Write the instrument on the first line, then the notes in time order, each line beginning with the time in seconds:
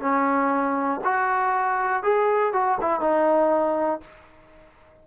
trombone
0.00 C#4
1.04 F#4
2.03 G#4
2.53 F#4
2.80 E4
3.00 D#4